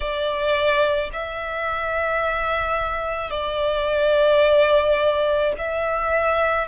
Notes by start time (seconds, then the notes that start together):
0.00 D5
1.12 E5
3.30 D5
5.58 E5